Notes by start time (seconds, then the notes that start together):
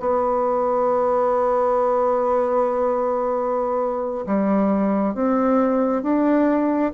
0.00 B3
4.27 G3
5.15 C4
6.03 D4